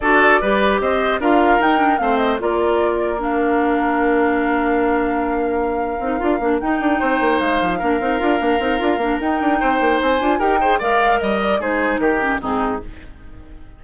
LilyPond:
<<
  \new Staff \with { instrumentName = "flute" } { \time 4/4 \tempo 4 = 150 d''2 dis''4 f''4 | g''4 f''8 dis''8 d''2 | f''1~ | f''1~ |
f''8 g''2 f''4.~ | f''2. g''4~ | g''4 gis''4 g''4 f''4 | dis''8 d''8 c''4 ais'4 gis'4 | }
  \new Staff \with { instrumentName = "oboe" } { \time 4/4 a'4 b'4 c''4 ais'4~ | ais'4 c''4 ais'2~ | ais'1~ | ais'1~ |
ais'4. c''2 ais'8~ | ais'1 | c''2 ais'8 c''8 d''4 | dis''4 gis'4 g'4 dis'4 | }
  \new Staff \with { instrumentName = "clarinet" } { \time 4/4 fis'4 g'2 f'4 | dis'8 d'8 c'4 f'2 | d'1~ | d'2. dis'8 f'8 |
d'8 dis'2. d'8 | dis'8 f'8 d'8 dis'8 f'8 d'8 dis'4~ | dis'4. f'8 g'8 gis'8 ais'4~ | ais'4 dis'4. cis'8 c'4 | }
  \new Staff \with { instrumentName = "bassoon" } { \time 4/4 d'4 g4 c'4 d'4 | dis'4 a4 ais2~ | ais1~ | ais2. c'8 d'8 |
ais8 dis'8 d'8 c'8 ais8 gis8 f8 ais8 | c'8 d'8 ais8 c'8 d'8 ais8 dis'8 d'8 | c'8 ais8 c'8 d'8 dis'4 gis4 | g4 gis4 dis4 gis,4 | }
>>